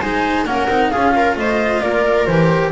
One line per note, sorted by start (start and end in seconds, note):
0.00 0.44 G#3
0.00 0.46 D#4
0.00 0.45 C5
0.00 0.45 G#5
0.44 0.66 A#3
0.44 0.69 C#4
0.44 0.91 A#4
0.44 0.91 F#5
0.68 0.91 C4
0.68 0.93 D#4
0.91 1.36 C#4
0.91 2.28 F4
0.91 1.14 G#4
0.91 1.36 F5
1.16 1.38 A#4
1.36 1.81 A3
1.36 1.83 C5
1.36 1.81 D#5
1.81 2.27 A#3
1.81 2.72 A#4
1.81 2.25 D5
2.25 2.72 E3
2.25 2.72 G4
2.25 2.70 C5